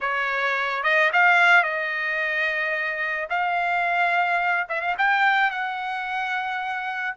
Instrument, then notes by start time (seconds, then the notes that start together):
trumpet
0.00 C#5
0.83 D#5
1.13 F5
1.63 D#5
3.29 F5
4.69 E5
4.81 F5
4.97 G5
5.50 F#5